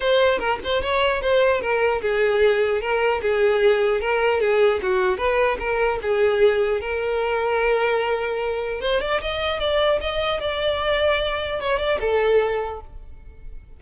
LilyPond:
\new Staff \with { instrumentName = "violin" } { \time 4/4 \tempo 4 = 150 c''4 ais'8 c''8 cis''4 c''4 | ais'4 gis'2 ais'4 | gis'2 ais'4 gis'4 | fis'4 b'4 ais'4 gis'4~ |
gis'4 ais'2.~ | ais'2 c''8 d''8 dis''4 | d''4 dis''4 d''2~ | d''4 cis''8 d''8 a'2 | }